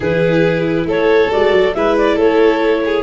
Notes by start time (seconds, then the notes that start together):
0.00 E3 E4 G#4 B4
0.85 A3 A4 C#5
1.30 G#3 F#4 D5
1.52 F#3
1.74 G#3 E4 B4 E5
1.97 D5
2.15 A3 A4 C#5
2.84 G#4